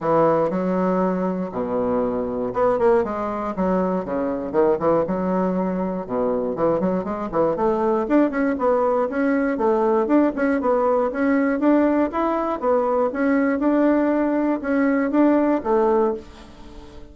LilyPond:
\new Staff \with { instrumentName = "bassoon" } { \time 4/4 \tempo 4 = 119 e4 fis2 b,4~ | b,4 b8 ais8 gis4 fis4 | cis4 dis8 e8 fis2 | b,4 e8 fis8 gis8 e8 a4 |
d'8 cis'8 b4 cis'4 a4 | d'8 cis'8 b4 cis'4 d'4 | e'4 b4 cis'4 d'4~ | d'4 cis'4 d'4 a4 | }